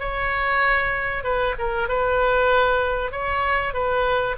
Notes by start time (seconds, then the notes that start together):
0.00 C#5
1.24 B4
1.59 A#4
1.89 B4
3.12 C#5
3.74 B4